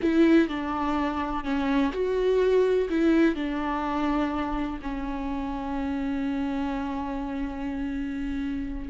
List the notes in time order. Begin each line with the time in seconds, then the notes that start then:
0.01 E4
0.48 D4
1.44 C#4
1.92 F#4
2.89 E4
3.35 D4
4.82 C#4